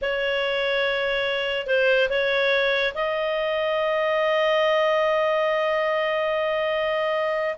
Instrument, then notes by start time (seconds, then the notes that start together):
clarinet
0.01 C#5
1.66 C5
2.09 C#5
2.94 D#5